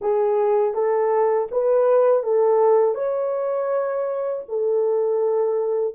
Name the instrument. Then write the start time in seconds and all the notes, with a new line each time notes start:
horn
0.01 G#4
0.74 A4
1.51 B4
2.23 A4
2.95 C#5
4.48 A4